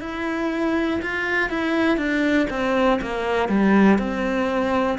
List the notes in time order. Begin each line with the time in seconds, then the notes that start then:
0.00 E4
1.01 F4
1.49 E4
1.97 D4
2.50 C4
3.01 A#3
3.49 G3
3.98 C4